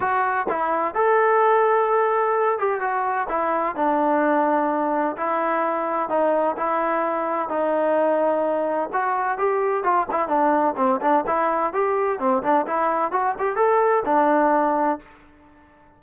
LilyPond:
\new Staff \with { instrumentName = "trombone" } { \time 4/4 \tempo 4 = 128 fis'4 e'4 a'2~ | a'4. g'8 fis'4 e'4 | d'2. e'4~ | e'4 dis'4 e'2 |
dis'2. fis'4 | g'4 f'8 e'8 d'4 c'8 d'8 | e'4 g'4 c'8 d'8 e'4 | fis'8 g'8 a'4 d'2 | }